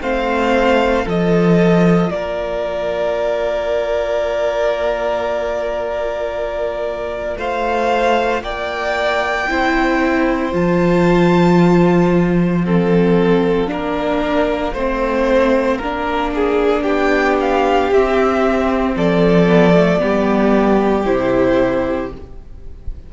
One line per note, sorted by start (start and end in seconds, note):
0.00 1.05 A3
0.00 1.05 C4
0.00 1.04 C5
0.00 1.07 F5
1.04 2.09 F3
1.04 9.47 F4
1.04 2.10 A4
1.04 2.11 D#5
2.09 7.36 A#3
2.09 7.37 A#4
2.09 7.37 D5
7.37 8.41 A3
7.37 8.42 C5
7.37 8.43 F5
8.41 9.46 A#3
8.41 9.49 D5
8.41 10.53 G5
9.48 10.52 C4
9.48 10.52 E4
9.48 12.65 C5
10.52 13.67 F3
10.52 12.62 F4
10.52 12.63 A5
12.63 13.67 C4
12.63 13.70 A4
12.63 16.82 F5
13.67 14.72 A#3
13.67 14.72 D4
13.67 14.73 A#4
14.73 15.78 A3
14.73 15.82 C4
14.73 15.77 C5
15.77 16.86 A#3
15.77 17.93 D4
15.77 16.30 A#4
16.34 16.83 G#4
16.82 17.91 B3
16.82 18.93 G4
16.82 17.35 G5
17.40 17.93 F5
17.91 18.95 C4
17.91 19.46 C4
17.91 18.97 E5
18.95 20.01 F3
18.95 20.01 A4
18.95 21.05 D5
19.46 19.73 B3
19.74 19.98 A3
19.98 21.06 G3
19.98 21.03 B3
19.98 22.12 G4
21.05 22.11 C3
21.05 22.10 E4
21.05 22.10 C5